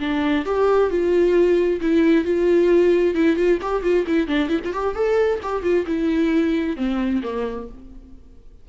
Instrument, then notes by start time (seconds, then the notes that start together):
viola
0.00 D4
0.45 G4
0.90 F4
1.81 E4
2.25 F4
3.14 E4
3.36 F4
3.62 G4
3.82 F4
4.07 E4
4.27 D4
4.49 E4
4.64 F4
4.73 G4
4.95 A4
5.42 G4
5.63 F4
5.86 E4
6.76 C4
7.23 A#3